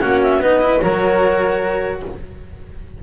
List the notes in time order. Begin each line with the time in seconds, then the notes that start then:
0.00 A#3 C#4 F#4 F#5
0.23 E5
0.39 B3 D#4 B4 D#5
0.61 E4
0.81 F#3 F#4 A#4 C#5